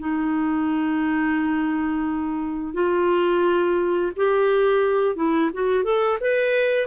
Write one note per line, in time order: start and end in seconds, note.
0.00 2.74 D#4
2.74 4.12 F4
4.17 5.17 G4
5.17 5.51 E4
5.54 5.84 F#4
5.84 6.18 A4
6.21 6.87 B4